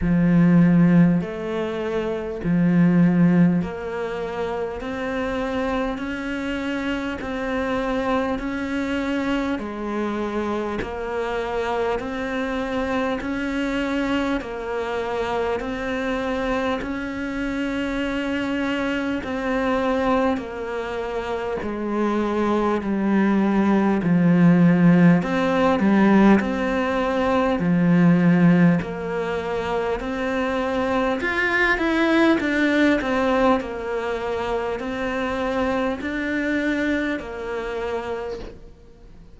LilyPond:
\new Staff \with { instrumentName = "cello" } { \time 4/4 \tempo 4 = 50 f4 a4 f4 ais4 | c'4 cis'4 c'4 cis'4 | gis4 ais4 c'4 cis'4 | ais4 c'4 cis'2 |
c'4 ais4 gis4 g4 | f4 c'8 g8 c'4 f4 | ais4 c'4 f'8 e'8 d'8 c'8 | ais4 c'4 d'4 ais4 | }